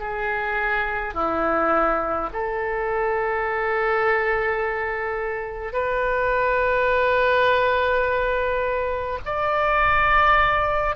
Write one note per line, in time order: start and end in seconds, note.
0.00 1.14 G#4
1.14 2.30 E4
2.33 5.73 A4
5.73 9.19 B4
9.26 10.96 D5